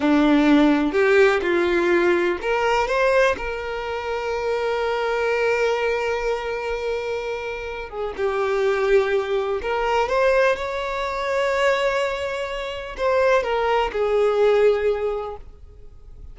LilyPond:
\new Staff \with { instrumentName = "violin" } { \time 4/4 \tempo 4 = 125 d'2 g'4 f'4~ | f'4 ais'4 c''4 ais'4~ | ais'1~ | ais'1~ |
ais'8 gis'8 g'2. | ais'4 c''4 cis''2~ | cis''2. c''4 | ais'4 gis'2. | }